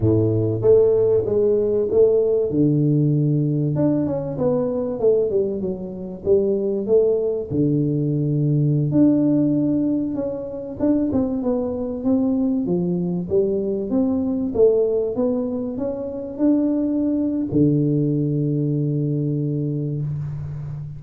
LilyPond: \new Staff \with { instrumentName = "tuba" } { \time 4/4 \tempo 4 = 96 a,4 a4 gis4 a4 | d2 d'8 cis'8 b4 | a8 g8 fis4 g4 a4 | d2~ d16 d'4.~ d'16~ |
d'16 cis'4 d'8 c'8 b4 c'8.~ | c'16 f4 g4 c'4 a8.~ | a16 b4 cis'4 d'4.~ d'16 | d1 | }